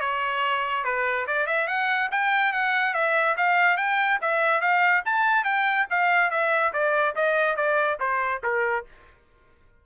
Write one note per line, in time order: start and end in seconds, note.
0.00 0.84 C#5
0.84 1.26 B4
1.27 1.46 D5
1.46 1.67 E5
1.67 2.09 F#5
2.11 2.52 G5
2.52 2.94 F#5
2.94 3.35 E5
3.37 3.77 F5
3.77 4.19 G5
4.21 4.60 E5
4.60 5.02 F5
5.05 5.44 A5
5.44 5.86 G5
5.90 6.30 F5
6.30 6.72 E5
6.73 7.15 D5
7.15 7.56 D#5
7.56 7.98 D5
7.99 8.41 C5
8.43 8.85 A#4